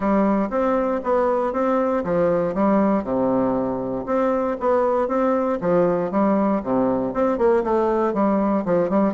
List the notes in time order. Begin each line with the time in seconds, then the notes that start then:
0.00 G3
0.50 C4
1.03 B3
1.53 C4
2.04 F3
2.54 G3
3.03 C3
4.05 C4
4.59 B3
5.08 C4
5.60 F3
6.11 G3
6.63 C3
7.13 C4
7.38 A#3
7.63 A3
8.13 G3
8.65 F3
8.89 G3